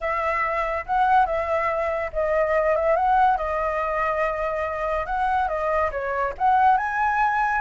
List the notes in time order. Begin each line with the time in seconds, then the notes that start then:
0.00 E5
0.86 F#5
1.26 E5
2.12 D#5
2.75 E5
2.95 F#5
3.37 D#5
5.06 F#5
5.48 D#5
5.91 C#5
6.38 F#5
6.77 G#5